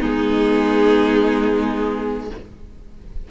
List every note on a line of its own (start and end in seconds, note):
0.00 2.30 G#3
0.00 2.28 B3
0.00 2.28 D#4
0.00 2.28 G#4